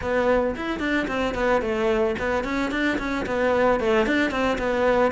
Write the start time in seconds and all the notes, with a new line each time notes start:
0.01 B3
0.56 E4
0.79 D4
1.07 C4
1.34 B3
1.61 A3
2.18 B3
2.44 C#4
2.71 D4
2.98 C#4
3.26 B3
3.80 A3
4.06 D4
4.30 C4
4.58 B3